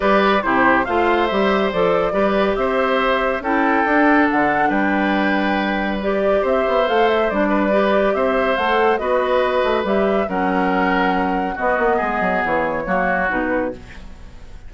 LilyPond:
<<
  \new Staff \with { instrumentName = "flute" } { \time 4/4 \tempo 4 = 140 d''4 c''4 f''4 e''4 | d''2 e''2 | g''2 fis''4 g''4~ | g''2 d''4 e''4 |
f''8 e''8 d''2 e''4 | fis''4 dis''2 e''4 | fis''2. dis''4~ | dis''4 cis''2 b'4 | }
  \new Staff \with { instrumentName = "oboe" } { \time 4/4 b'4 g'4 c''2~ | c''4 b'4 c''2 | a'2. b'4~ | b'2. c''4~ |
c''4. b'4. c''4~ | c''4 b'2. | ais'2. fis'4 | gis'2 fis'2 | }
  \new Staff \with { instrumentName = "clarinet" } { \time 4/4 g'4 e'4 f'4 g'4 | a'4 g'2. | e'4 d'2.~ | d'2 g'2 |
a'4 d'4 g'2 | a'4 fis'2 g'4 | cis'2. b4~ | b2 ais4 dis'4 | }
  \new Staff \with { instrumentName = "bassoon" } { \time 4/4 g4 c4 a4 g4 | f4 g4 c'2 | cis'4 d'4 d4 g4~ | g2. c'8 b8 |
a4 g2 c'4 | a4 b4. a8 g4 | fis2. b8 ais8 | gis8 fis8 e4 fis4 b,4 | }
>>